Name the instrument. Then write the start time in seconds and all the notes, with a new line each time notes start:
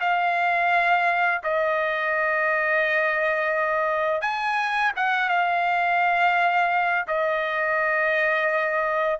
trumpet
0.00 F5
1.43 D#5
4.21 G#5
4.96 F#5
5.29 F5
7.07 D#5